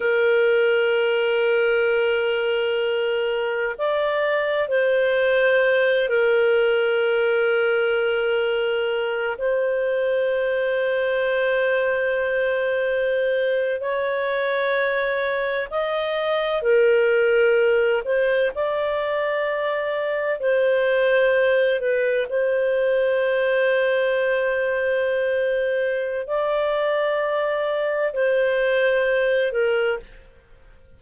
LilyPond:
\new Staff \with { instrumentName = "clarinet" } { \time 4/4 \tempo 4 = 64 ais'1 | d''4 c''4. ais'4.~ | ais'2 c''2~ | c''2~ c''8. cis''4~ cis''16~ |
cis''8. dis''4 ais'4. c''8 d''16~ | d''4.~ d''16 c''4. b'8 c''16~ | c''1 | d''2 c''4. ais'8 | }